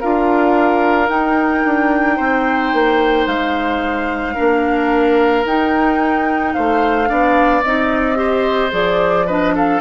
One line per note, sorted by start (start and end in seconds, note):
0.00 1.10 D4
0.00 1.09 F4
0.00 2.17 A#4
0.00 1.10 F5
1.09 4.35 D#4
1.09 1.64 D#4
1.09 3.27 G5
1.65 2.19 D4
2.17 2.73 C4
2.17 4.35 C5
2.73 3.27 A#3
3.27 4.36 G#3
3.27 5.46 F5
4.35 5.45 A#3
4.35 5.44 D4
4.35 6.53 A#4
5.45 6.54 D#4
5.45 7.07 D#4
5.45 6.54 G5
6.54 7.10 A3
6.54 7.09 C5
6.54 7.63 F5
7.07 7.64 B3
7.07 7.62 D4
7.07 8.18 D5
7.63 8.72 C4
7.63 8.15 D#4
7.63 8.72 D#5
8.15 8.70 G4
8.15 9.27 C5
8.71 9.81 F3
8.71 9.26 G#4
8.71 9.28 D5
9.27 9.81 D4
9.27 9.54 B4
9.27 9.55 D#5
9.55 9.81 A4
9.55 9.81 F5